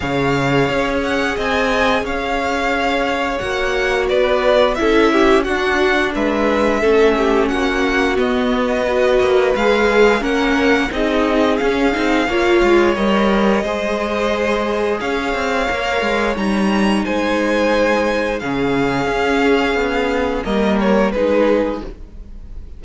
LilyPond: <<
  \new Staff \with { instrumentName = "violin" } { \time 4/4 \tempo 4 = 88 f''4. fis''8 gis''4 f''4~ | f''4 fis''4 d''4 e''4 | fis''4 e''2 fis''4 | dis''2 f''4 fis''4 |
dis''4 f''2 dis''4~ | dis''2 f''2 | ais''4 gis''2 f''4~ | f''2 dis''8 cis''8 b'4 | }
  \new Staff \with { instrumentName = "violin" } { \time 4/4 cis''2 dis''4 cis''4~ | cis''2 b'4 a'8 g'8 | fis'4 b'4 a'8 g'8 fis'4~ | fis'4 b'2 ais'4 |
gis'2 cis''2 | c''2 cis''2~ | cis''4 c''2 gis'4~ | gis'2 ais'4 gis'4 | }
  \new Staff \with { instrumentName = "viola" } { \time 4/4 gis'1~ | gis'4 fis'2 e'4 | d'2 cis'2 | b4 fis'4 gis'4 cis'4 |
dis'4 cis'8 dis'8 f'4 ais'4 | gis'2. ais'4 | dis'2. cis'4~ | cis'2 ais4 dis'4 | }
  \new Staff \with { instrumentName = "cello" } { \time 4/4 cis4 cis'4 c'4 cis'4~ | cis'4 ais4 b4 cis'4 | d'4 gis4 a4 ais4 | b4. ais8 gis4 ais4 |
c'4 cis'8 c'8 ais8 gis8 g4 | gis2 cis'8 c'8 ais8 gis8 | g4 gis2 cis4 | cis'4 b4 g4 gis4 | }
>>